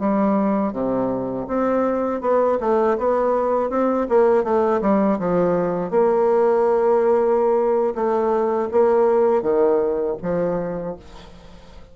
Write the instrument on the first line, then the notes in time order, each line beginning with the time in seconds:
bassoon
0.00 G3
0.73 C3
1.48 C4
2.22 B3
2.61 A3
2.98 B3
3.70 C4
4.09 A#3
4.44 A3
4.82 G3
5.20 F3
5.91 A#3
7.95 A3
8.72 A#3
9.42 D#3
10.23 F3